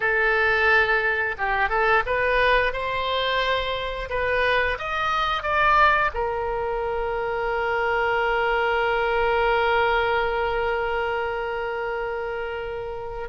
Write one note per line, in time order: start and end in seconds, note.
0.00 1.35 A4
1.38 1.69 G4
1.69 2.03 A4
2.06 2.73 B4
2.73 4.09 C5
4.09 4.77 B4
4.78 5.42 D#5
5.42 6.11 D5
6.14 13.29 A#4